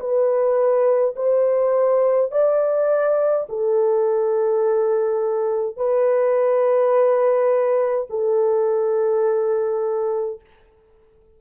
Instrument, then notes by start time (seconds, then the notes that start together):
horn
0.00 B4
1.16 C5
2.32 D5
3.49 A4
5.77 B4
8.10 A4